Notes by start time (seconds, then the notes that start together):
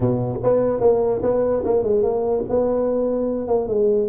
0.00 B2
0.43 B3
0.80 A#3
1.22 B3
1.65 A#3
1.83 G#3
2.02 A#3
2.49 B3
3.47 A#3
3.67 G#3